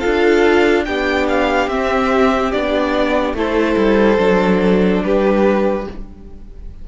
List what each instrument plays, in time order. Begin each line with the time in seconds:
0.00 cello D4, viola F4, violin A4 F5
0.85 cello B3, viola D4, violin G4 G5
1.29 violin F5
1.68 cello C4, viola C4, violin E5
2.52 cello B3, viola D4, violin D5
3.34 cello A3, viola E4, violin A4 C5
3.77 cello G3
4.18 cello F#3, viola D4
5.04 cello G3, violin G4 B4